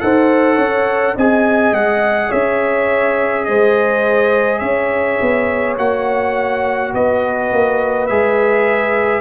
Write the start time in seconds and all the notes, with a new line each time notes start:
0.00 D#4 A4 C5 F#5
0.55 C#4 C#5
1.15 C4 G#4 D#5 G#5
1.72 G#3 F#5
2.29 C#4 C#5 E5
3.45 G#3 C5 D#5
4.59 C#4 C#5 E5
5.21 B3
5.78 A#3 F#4 F#5
6.94 B3 B4 D#5
7.52 A#3
8.07 G#3 G#4 E5